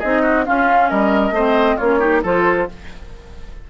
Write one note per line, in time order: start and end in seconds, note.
0.00 0.48 C4
0.00 0.45 D#4
0.00 0.22 G#4
0.00 0.45 D#5
0.23 0.45 F#4
0.45 1.34 C#4
0.45 0.91 C#4
0.45 0.90 F4
0.45 0.90 F5
0.90 1.31 G3
0.90 1.34 A#4
0.90 1.78 D#5
1.31 1.76 A3
1.31 1.81 C4
1.31 1.77 C5
1.77 2.24 A#3
1.77 2.00 C#4
1.77 1.99 F4
1.77 2.22 C#5
2.00 2.22 D#4
2.00 2.22 G4
2.24 2.69 F3
2.24 2.69 F4
2.24 2.68 A4
2.24 2.71 C5